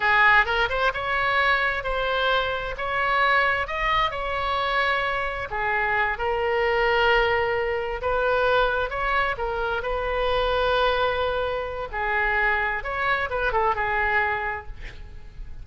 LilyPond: \new Staff \with { instrumentName = "oboe" } { \time 4/4 \tempo 4 = 131 gis'4 ais'8 c''8 cis''2 | c''2 cis''2 | dis''4 cis''2. | gis'4. ais'2~ ais'8~ |
ais'4. b'2 cis''8~ | cis''8 ais'4 b'2~ b'8~ | b'2 gis'2 | cis''4 b'8 a'8 gis'2 | }